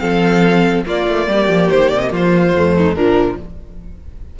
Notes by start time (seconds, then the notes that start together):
0.00 F3 C4 A4 F5
0.86 A#3 F4 D5
1.08 A3
1.28 G3 G4
1.49 F3
1.71 D#3 C5
1.89 C3 D5
2.00 D#5
2.12 F3 F4 C5
2.56 F2 A3
2.77 D#4
2.95 A#2 F3 D4 A#4